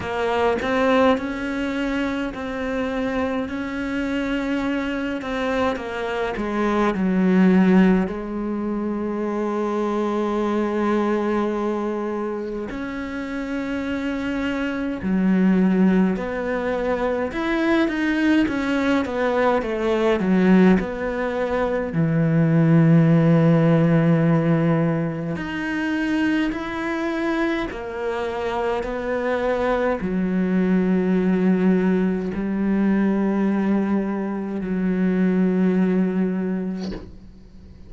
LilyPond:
\new Staff \with { instrumentName = "cello" } { \time 4/4 \tempo 4 = 52 ais8 c'8 cis'4 c'4 cis'4~ | cis'8 c'8 ais8 gis8 fis4 gis4~ | gis2. cis'4~ | cis'4 fis4 b4 e'8 dis'8 |
cis'8 b8 a8 fis8 b4 e4~ | e2 dis'4 e'4 | ais4 b4 fis2 | g2 fis2 | }